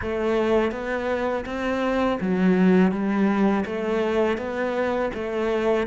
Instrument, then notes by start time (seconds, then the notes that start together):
cello
0.01 A3
0.71 B3
1.45 C4
2.21 F#3
2.91 G3
3.65 A3
4.37 B3
5.14 A3